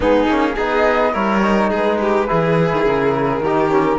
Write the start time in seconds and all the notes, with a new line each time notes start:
0.00 G#3 B3 D#4 G#4
0.26 A#3 C#4
0.54 B3 D#4 G#4 D#5
1.12 G3 E4 A#4 C#5
1.42 D#4
1.69 G#3 G#4 B4
2.01 G4
2.27 E3 E4 G#4
2.72 D#3
2.85 C#3 A#4
3.39 D#3 G4
3.46 D#4
3.69 C#4